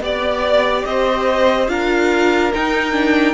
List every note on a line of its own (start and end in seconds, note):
0.00 0.83 B3
0.00 1.68 G4
0.00 0.86 D5
0.00 0.85 D5
0.85 1.68 C4
0.85 1.70 C5
0.85 1.68 D#5
1.68 2.51 D4
1.68 2.51 F4
1.68 3.34 A#4
1.68 2.52 F5
2.53 2.92 D#4
2.53 3.34 D#4
2.53 3.34 G5
2.92 3.34 D4